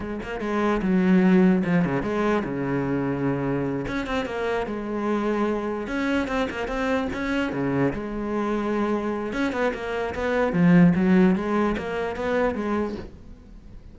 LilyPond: \new Staff \with { instrumentName = "cello" } { \time 4/4 \tempo 4 = 148 gis8 ais8 gis4 fis2 | f8 cis8 gis4 cis2~ | cis4. cis'8 c'8 ais4 gis8~ | gis2~ gis8 cis'4 c'8 |
ais8 c'4 cis'4 cis4 gis8~ | gis2. cis'8 b8 | ais4 b4 f4 fis4 | gis4 ais4 b4 gis4 | }